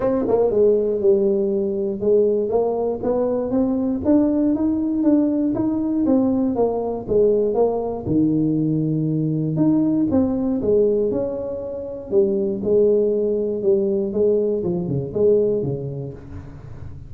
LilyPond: \new Staff \with { instrumentName = "tuba" } { \time 4/4 \tempo 4 = 119 c'8 ais8 gis4 g2 | gis4 ais4 b4 c'4 | d'4 dis'4 d'4 dis'4 | c'4 ais4 gis4 ais4 |
dis2. dis'4 | c'4 gis4 cis'2 | g4 gis2 g4 | gis4 f8 cis8 gis4 cis4 | }